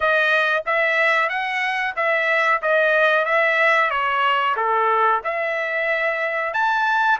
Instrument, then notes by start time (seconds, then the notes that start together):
trumpet
0.00 D#5
0.66 E5
1.29 F#5
1.96 E5
2.61 D#5
3.25 E5
3.90 C#5
4.56 A4
5.24 E5
6.53 A5